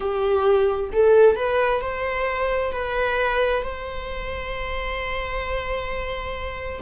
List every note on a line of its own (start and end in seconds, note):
0.00 0.90 G4
0.92 1.36 A4
1.36 1.81 B4
1.81 2.72 C5
2.72 3.62 B4
3.62 6.81 C5